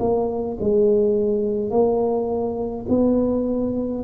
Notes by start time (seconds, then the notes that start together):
0.00 A#3
0.61 G#3
1.70 A#3
2.89 B3